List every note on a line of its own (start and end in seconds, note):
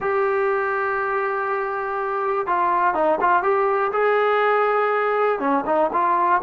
0.00 2.46 G4
2.46 2.94 F4
2.94 3.19 D#4
3.21 3.42 F4
3.42 3.91 G4
3.92 5.39 G#4
5.39 5.64 C#4
5.66 5.90 D#4
5.92 6.41 F4